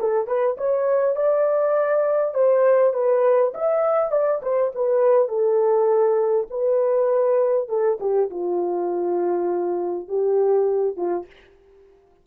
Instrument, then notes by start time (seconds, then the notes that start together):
horn
0.00 A4
0.28 B4
0.58 C#5
1.16 D5
2.35 C5
2.94 B4
3.55 E5
4.12 D5
4.43 C5
4.76 B4
5.29 A4
6.51 B4
7.69 A4
8.00 G4
8.31 F4
10.09 G4
10.97 F4